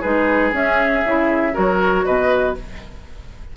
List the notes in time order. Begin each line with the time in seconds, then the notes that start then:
0.00 G#3 D#4 G#4 B4
0.52 C#4 E5
1.05 C#3 E4
1.53 F#3 F#4 A#4 C#5
2.05 B2 B4 D#5